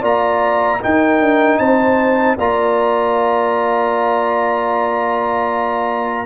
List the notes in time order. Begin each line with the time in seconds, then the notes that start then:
0.00 A#3 F4 D5 A#5
0.81 D#4 A#4 G5
1.20 D4
1.58 C4 C5 A5
2.37 A#3 F4 D5 A#5